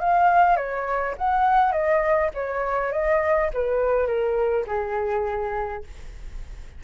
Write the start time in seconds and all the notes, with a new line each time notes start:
0.00 F5
0.57 C#5
1.18 F#5
1.72 D#5
2.34 C#5
2.92 D#5
3.53 B4
4.07 A#4
4.67 G#4